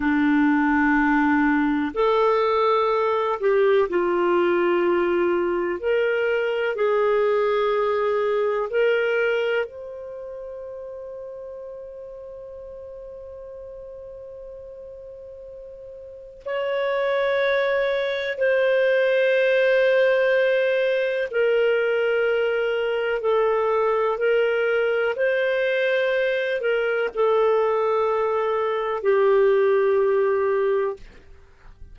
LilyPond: \new Staff \with { instrumentName = "clarinet" } { \time 4/4 \tempo 4 = 62 d'2 a'4. g'8 | f'2 ais'4 gis'4~ | gis'4 ais'4 c''2~ | c''1~ |
c''4 cis''2 c''4~ | c''2 ais'2 | a'4 ais'4 c''4. ais'8 | a'2 g'2 | }